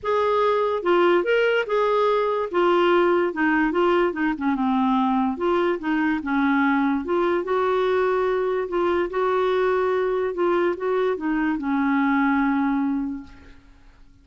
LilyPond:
\new Staff \with { instrumentName = "clarinet" } { \time 4/4 \tempo 4 = 145 gis'2 f'4 ais'4 | gis'2 f'2 | dis'4 f'4 dis'8 cis'8 c'4~ | c'4 f'4 dis'4 cis'4~ |
cis'4 f'4 fis'2~ | fis'4 f'4 fis'2~ | fis'4 f'4 fis'4 dis'4 | cis'1 | }